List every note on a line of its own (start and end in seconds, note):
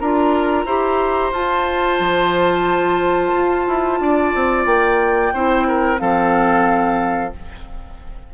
0.00 0.66 D4
0.00 0.67 F4
0.00 0.66 A#4
0.00 1.33 A#5
0.66 1.32 E4
0.66 1.34 G4
0.66 3.99 C5
1.32 1.99 F4
1.32 5.34 F4
1.32 4.66 A5
2.00 3.33 F3
3.34 3.67 F4
3.67 4.01 E4
4.01 4.34 D4
4.01 5.34 D5
4.35 4.66 C4
4.66 5.33 A#3
4.66 5.99 G5
5.34 6.01 C4
5.34 5.98 E4
5.34 5.67 C5
5.68 6.01 A#4
5.98 7.34 F3
5.98 7.31 C4
5.98 7.34 A4
5.98 7.33 F5